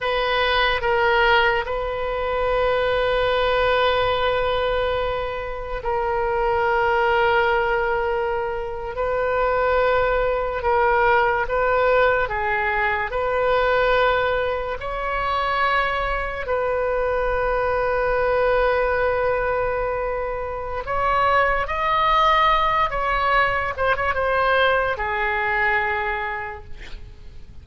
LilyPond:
\new Staff \with { instrumentName = "oboe" } { \time 4/4 \tempo 4 = 72 b'4 ais'4 b'2~ | b'2. ais'4~ | ais'2~ ais'8. b'4~ b'16~ | b'8. ais'4 b'4 gis'4 b'16~ |
b'4.~ b'16 cis''2 b'16~ | b'1~ | b'4 cis''4 dis''4. cis''8~ | cis''8 c''16 cis''16 c''4 gis'2 | }